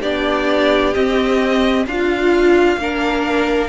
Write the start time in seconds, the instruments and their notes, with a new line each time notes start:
0.00 cello B3, viola D4, violin G4 D5
0.94 viola C4, cello C4, violin D#5
1.87 cello D4, violin F4 F5, viola F4
2.77 cello A#3, viola D4, violin A#4